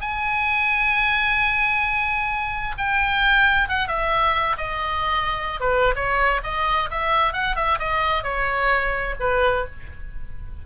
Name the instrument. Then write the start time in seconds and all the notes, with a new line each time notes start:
oboe
0.00 G#5
2.77 G5
3.68 F#5
3.88 E5
4.57 D#5
5.60 B4
5.95 C#5
6.43 D#5
6.90 E5
7.32 F#5
7.56 E5
7.79 D#5
8.23 C#5
9.19 B4